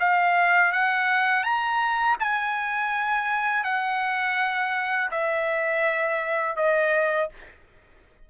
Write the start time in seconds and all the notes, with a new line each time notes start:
0.00 F5
0.73 F#5
1.44 A#5
2.20 G#5
3.64 F#5
5.12 E5
6.57 D#5